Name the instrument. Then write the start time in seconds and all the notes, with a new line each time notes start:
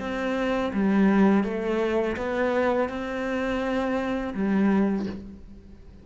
cello
0.00 C4
0.74 G3
1.44 A3
2.17 B3
2.89 C4
4.34 G3